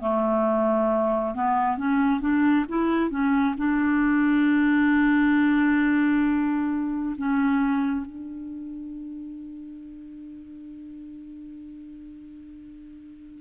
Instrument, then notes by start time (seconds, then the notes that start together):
clarinet
0.00 A3
1.34 B3
1.77 C#4
2.20 D4
2.68 E4
3.10 C#4
3.57 D4
7.17 C#4
8.06 D4